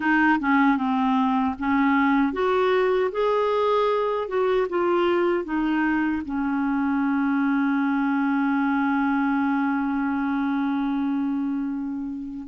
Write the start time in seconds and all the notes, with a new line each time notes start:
0.00 D#4
0.39 C#4
0.77 C4
1.58 C#4
2.32 F#4
3.11 G#4
4.28 F#4
4.69 F4
5.44 D#4
6.25 C#4